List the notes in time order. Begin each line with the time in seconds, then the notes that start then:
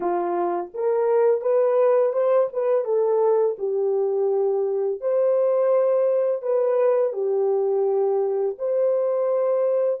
0.00 F4
0.73 A#4
1.41 B4
2.12 C5
2.52 B4
2.84 A4
3.58 G4
5.00 C5
6.42 B4
7.12 G4
8.58 C5